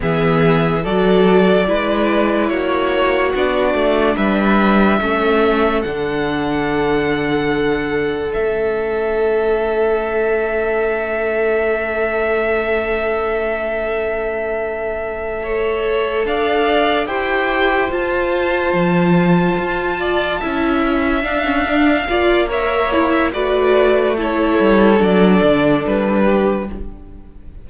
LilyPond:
<<
  \new Staff \with { instrumentName = "violin" } { \time 4/4 \tempo 4 = 72 e''4 d''2 cis''4 | d''4 e''2 fis''4~ | fis''2 e''2~ | e''1~ |
e''2.~ e''8 f''8~ | f''8 g''4 a''2~ a''8~ | a''4. f''4. e''8 e'16 e''16 | d''4 cis''4 d''4 b'4 | }
  \new Staff \with { instrumentName = "violin" } { \time 4/4 gis'4 a'4 b'4 fis'4~ | fis'4 b'4 a'2~ | a'1~ | a'1~ |
a'2~ a'8 cis''4 d''8~ | d''8 c''2.~ c''8 | d''8 e''2 d''8 cis''4 | b'4 a'2~ a'8 g'8 | }
  \new Staff \with { instrumentName = "viola" } { \time 4/4 b4 fis'4 e'2 | d'2 cis'4 d'4~ | d'2 cis'2~ | cis'1~ |
cis'2~ cis'8 a'4.~ | a'8 g'4 f'2~ f'8~ | f'8 e'4 d'16 cis'16 d'8 f'8 ais'8 e'8 | fis'4 e'4 d'2 | }
  \new Staff \with { instrumentName = "cello" } { \time 4/4 e4 fis4 gis4 ais4 | b8 a8 g4 a4 d4~ | d2 a2~ | a1~ |
a2.~ a8 d'8~ | d'8 e'4 f'4 f4 f'8~ | f'8 cis'4 d'4 ais4. | a4. g8 fis8 d8 g4 | }
>>